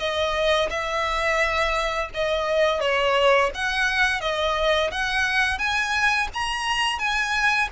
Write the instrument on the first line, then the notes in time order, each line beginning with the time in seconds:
violin
0.00 D#5
0.70 E5
2.14 D#5
2.81 C#5
3.55 F#5
4.21 D#5
4.92 F#5
5.59 G#5
6.34 A#5
6.99 G#5